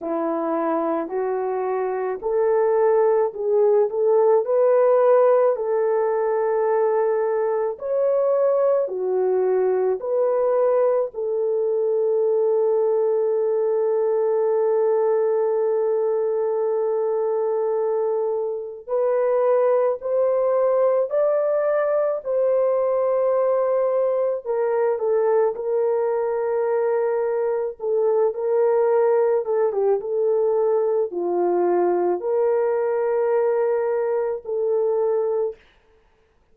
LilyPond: \new Staff \with { instrumentName = "horn" } { \time 4/4 \tempo 4 = 54 e'4 fis'4 a'4 gis'8 a'8 | b'4 a'2 cis''4 | fis'4 b'4 a'2~ | a'1~ |
a'4 b'4 c''4 d''4 | c''2 ais'8 a'8 ais'4~ | ais'4 a'8 ais'4 a'16 g'16 a'4 | f'4 ais'2 a'4 | }